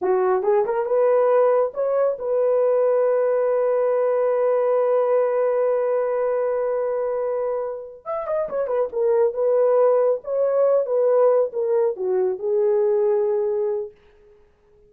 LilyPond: \new Staff \with { instrumentName = "horn" } { \time 4/4 \tempo 4 = 138 fis'4 gis'8 ais'8 b'2 | cis''4 b'2.~ | b'1~ | b'1~ |
b'2~ b'8 e''8 dis''8 cis''8 | b'8 ais'4 b'2 cis''8~ | cis''4 b'4. ais'4 fis'8~ | fis'8 gis'2.~ gis'8 | }